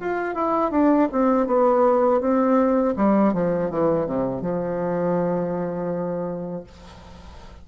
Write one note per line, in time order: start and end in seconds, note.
0.00 0.35 F4
0.35 0.71 E4
0.71 1.08 D4
1.12 1.47 C4
1.47 2.21 B3
2.21 2.95 C4
2.96 3.33 G3
3.33 3.70 F3
3.70 4.06 E3
4.06 4.42 C3
4.42 6.64 F3